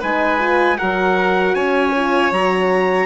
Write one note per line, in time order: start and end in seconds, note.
0.00 0.79 G#3
0.00 0.39 D#4
0.00 0.77 B4
0.00 0.77 G#5
0.39 0.77 F4
0.77 1.54 F#3
0.77 1.95 F#4
0.77 1.55 A#4
0.77 1.54 F#5
1.54 2.31 C#4
1.54 3.05 C#5
1.54 2.31 G#5
1.96 2.33 F4
2.32 3.05 F#3
2.32 3.05 F#4
2.32 3.05 A#5